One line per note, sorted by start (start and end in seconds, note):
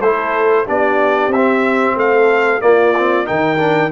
0.00 0.65 A3
0.00 0.66 E4
0.00 0.66 A4
0.00 0.66 C5
0.66 1.27 B3
0.66 1.31 D4
0.66 1.96 G4
0.66 1.32 D5
1.27 1.93 C4
1.27 1.97 E5
1.35 2.60 C4
1.96 2.61 A3
1.96 2.63 A4
1.96 2.61 F5
2.60 2.93 A#3
2.60 3.27 A#3
2.60 3.27 F4
2.60 3.26 D5
2.97 3.24 C4
3.24 3.91 D#3
3.24 3.57 D#4
3.24 3.91 A#4
3.24 3.91 G5
3.58 3.90 D4